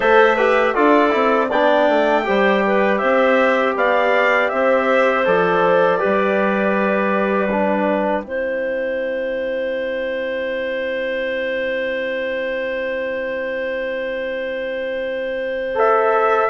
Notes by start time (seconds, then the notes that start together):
0.00 A3 A4 C5 E5
0.36 G4 B4
0.74 D4 F4 A4 D5
1.10 C4 E4
1.48 B3 D4 D5 G5
1.88 A3
2.23 G3 G4 C5
2.66 B4
2.98 C4 C5 E5
3.75 B3 D5 F5
4.48 C4 C5 E5
5.24 F3 A4 D5
5.98 G3 G4 B4
7.50 D4 G5
8.22 C4 E4 C5
15.74 A4 E5